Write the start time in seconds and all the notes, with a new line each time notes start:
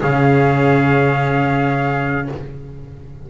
0.00 C#3 C#4 G#4 F5